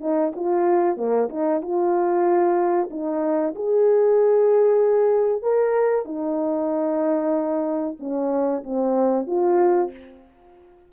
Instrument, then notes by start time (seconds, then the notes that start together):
horn
0.00 D#4
0.35 F4
0.97 A#3
1.29 D#4
1.61 F4
2.90 D#4
3.55 G#4
5.42 A#4
6.05 D#4
7.99 C#4
8.63 C4
9.26 F4